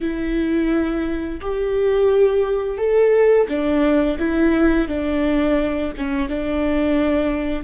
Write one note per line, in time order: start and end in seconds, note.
0.00 1.40 E4
1.40 2.77 G4
2.77 3.47 A4
3.48 4.18 D4
4.19 4.87 E4
4.87 5.92 D4
5.97 6.29 C#4
6.29 7.64 D4